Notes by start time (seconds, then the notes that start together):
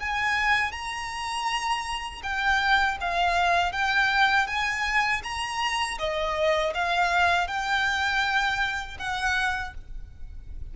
0.00 G#5
0.72 A#5
2.23 G5
3.01 F5
3.72 G5
4.47 G#5
5.24 A#5
5.99 D#5
6.75 F5
7.48 G5
8.99 F#5